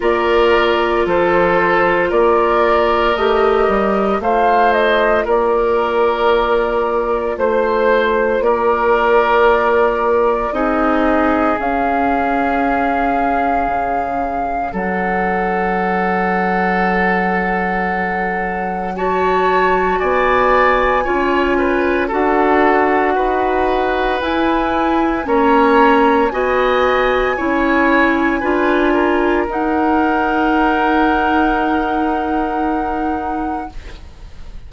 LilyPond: <<
  \new Staff \with { instrumentName = "flute" } { \time 4/4 \tempo 4 = 57 d''4 c''4 d''4 dis''4 | f''8 dis''8 d''2 c''4 | d''2 dis''4 f''4~ | f''2 fis''2~ |
fis''2 a''4 gis''4~ | gis''4 fis''2 gis''4 | ais''4 gis''2. | fis''1 | }
  \new Staff \with { instrumentName = "oboe" } { \time 4/4 ais'4 a'4 ais'2 | c''4 ais'2 c''4 | ais'2 gis'2~ | gis'2 a'2~ |
a'2 cis''4 d''4 | cis''8 b'8 a'4 b'2 | cis''4 dis''4 cis''4 b'8 ais'8~ | ais'1 | }
  \new Staff \with { instrumentName = "clarinet" } { \time 4/4 f'2. g'4 | f'1~ | f'2 dis'4 cis'4~ | cis'1~ |
cis'2 fis'2 | f'4 fis'2 e'4 | cis'4 fis'4 e'4 f'4 | dis'1 | }
  \new Staff \with { instrumentName = "bassoon" } { \time 4/4 ais4 f4 ais4 a8 g8 | a4 ais2 a4 | ais2 c'4 cis'4~ | cis'4 cis4 fis2~ |
fis2. b4 | cis'4 d'4 dis'4 e'4 | ais4 b4 cis'4 d'4 | dis'1 | }
>>